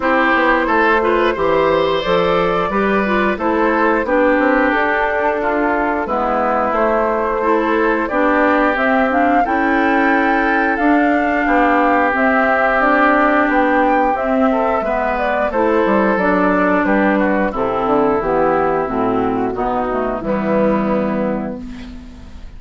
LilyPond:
<<
  \new Staff \with { instrumentName = "flute" } { \time 4/4 \tempo 4 = 89 c''2. d''4~ | d''4 c''4 b'4 a'4~ | a'4 b'4 c''2 | d''4 e''8 f''8 g''2 |
f''2 e''4 d''4 | g''4 e''4. d''8 c''4 | d''4 b'4 a'4 g'4 | fis'2 e'2 | }
  \new Staff \with { instrumentName = "oboe" } { \time 4/4 g'4 a'8 b'8 c''2 | b'4 a'4 g'2 | f'4 e'2 a'4 | g'2 a'2~ |
a'4 g'2.~ | g'4. a'8 b'4 a'4~ | a'4 g'8 fis'8 e'2~ | e'4 dis'4 b2 | }
  \new Staff \with { instrumentName = "clarinet" } { \time 4/4 e'4. f'8 g'4 a'4 | g'8 f'8 e'4 d'2~ | d'4 b4 a4 e'4 | d'4 c'8 d'8 e'2 |
d'2 c'4 d'4~ | d'4 c'4 b4 e'4 | d'2 c'4 b4 | c'4 b8 a8 g2 | }
  \new Staff \with { instrumentName = "bassoon" } { \time 4/4 c'8 b8 a4 e4 f4 | g4 a4 b8 c'8 d'4~ | d'4 gis4 a2 | b4 c'4 cis'2 |
d'4 b4 c'2 | b4 c'4 gis4 a8 g8 | fis4 g4 c8 d8 e4 | a,4 b,4 e2 | }
>>